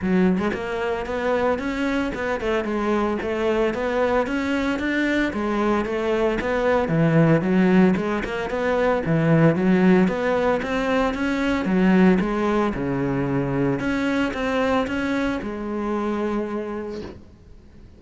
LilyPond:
\new Staff \with { instrumentName = "cello" } { \time 4/4 \tempo 4 = 113 fis8. gis16 ais4 b4 cis'4 | b8 a8 gis4 a4 b4 | cis'4 d'4 gis4 a4 | b4 e4 fis4 gis8 ais8 |
b4 e4 fis4 b4 | c'4 cis'4 fis4 gis4 | cis2 cis'4 c'4 | cis'4 gis2. | }